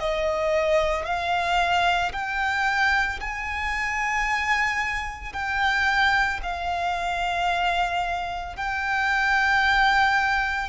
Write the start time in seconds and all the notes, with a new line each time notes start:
0.00 D#5
1.05 F5
2.13 G5
3.20 G#5
5.33 G5
6.43 F5
8.57 G5